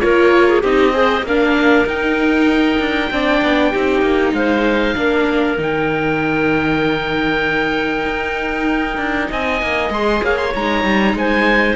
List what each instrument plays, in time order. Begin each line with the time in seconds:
0.00 cello A#3, viola F4, clarinet A#4, oboe C#5
0.49 clarinet G#4
0.61 cello C4, viola D#4, clarinet G4, oboe D#5
0.93 viola G#4, clarinet C5
1.22 cello A#3, viola D4, clarinet A#4, oboe F5
1.86 cello D#4, viola D#4, oboe G5
2.80 cello D4
3.11 cello C4, viola D4, clarinet D5
3.42 cello B3
3.71 cello C4, viola D#4, clarinet G4
4.02 cello A#3
4.33 cello G#3, clarinet C5, oboe F5
4.95 cello A#3, viola D4, clarinet A#4
5.58 cello D#3, viola D#4, oboe G5
8.05 cello D#4
8.97 cello D4
9.31 cello C4, clarinet D#5, oboe G#5
9.62 cello A#3
9.89 cello G#3, viola G#4, oboe C6
10.23 cello A#3, clarinet C#5, oboe F5
10.37 oboe C6
10.55 cello G#3, viola D#4, oboe A#5
10.85 cello G3
11.14 cello G#3, clarinet C5, oboe G#5